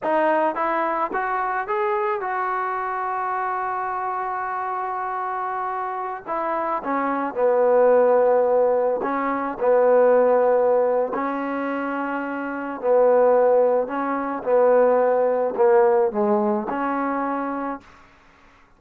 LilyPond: \new Staff \with { instrumentName = "trombone" } { \time 4/4 \tempo 4 = 108 dis'4 e'4 fis'4 gis'4 | fis'1~ | fis'2.~ fis'16 e'8.~ | e'16 cis'4 b2~ b8.~ |
b16 cis'4 b2~ b8. | cis'2. b4~ | b4 cis'4 b2 | ais4 gis4 cis'2 | }